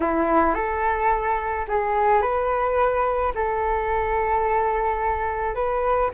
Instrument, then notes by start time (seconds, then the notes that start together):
flute
0.00 E4
0.54 A4
1.68 G#4
2.21 B4
3.34 A4
5.54 B4